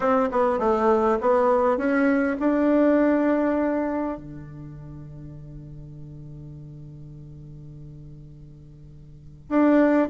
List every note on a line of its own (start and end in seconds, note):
0.00 0.29 C4
0.31 0.59 B3
0.59 1.18 A3
1.20 1.77 B3
1.77 2.37 C#4
2.39 4.17 D4
4.17 9.49 D3
9.49 10.08 D4